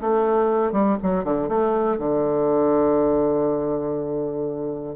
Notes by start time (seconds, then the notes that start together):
0.00 A3
0.72 G3
1.02 F#3
1.24 D3
1.48 A3
1.98 D3